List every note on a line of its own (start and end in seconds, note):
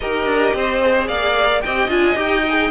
0.00 0.25 D#4
0.00 0.81 G4
0.00 0.55 A#4
0.00 1.06 D#5
0.25 0.52 D4
0.54 1.08 C4
0.54 1.07 C5
0.81 1.63 G#4
1.07 1.62 A#3
1.07 1.62 D5
1.07 1.61 F5
1.61 1.87 C4
1.61 1.89 G4
1.61 2.71 D#5
1.61 1.89 G5
1.87 2.15 D4
1.87 2.15 F4
1.87 2.17 G#5
2.15 2.71 D#4
2.15 2.42 G4
2.15 2.71 G5
2.49 2.71 G#4